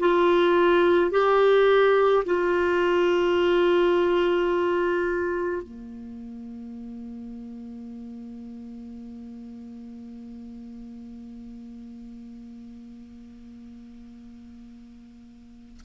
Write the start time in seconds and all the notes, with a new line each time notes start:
0.00 F4
1.12 G4
2.26 F4
5.63 A#3